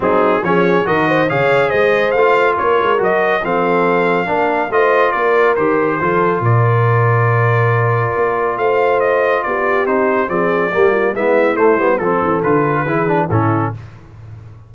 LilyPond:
<<
  \new Staff \with { instrumentName = "trumpet" } { \time 4/4 \tempo 4 = 140 gis'4 cis''4 dis''4 f''4 | dis''4 f''4 cis''4 dis''4 | f''2. dis''4 | d''4 c''2 d''4~ |
d''1 | f''4 dis''4 d''4 c''4 | d''2 e''4 c''4 | a'4 b'2 a'4 | }
  \new Staff \with { instrumentName = "horn" } { \time 4/4 dis'4 gis'4 ais'8 c''8 cis''4 | c''2 ais'2 | a'2 ais'4 c''4 | ais'2 a'4 ais'4~ |
ais'1 | c''2 g'2 | gis'4 g'8 f'8 e'2 | a'2 gis'4 e'4 | }
  \new Staff \with { instrumentName = "trombone" } { \time 4/4 c'4 cis'4 fis'4 gis'4~ | gis'4 f'2 fis'4 | c'2 d'4 f'4~ | f'4 g'4 f'2~ |
f'1~ | f'2. dis'4 | c'4 ais4 b4 a8 b8 | c'4 f'4 e'8 d'8 cis'4 | }
  \new Staff \with { instrumentName = "tuba" } { \time 4/4 fis4 f4 dis4 cis4 | gis4 a4 ais8 gis8 fis4 | f2 ais4 a4 | ais4 dis4 f4 ais,4~ |
ais,2. ais4 | a2 b4 c'4 | f4 g4 gis4 a8 g8 | f8 e8 d4 e4 a,4 | }
>>